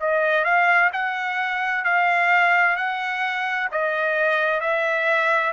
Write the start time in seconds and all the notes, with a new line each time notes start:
0.00 D#5
0.44 F5
0.93 F#5
1.84 F5
2.76 F#5
3.71 D#5
4.60 E5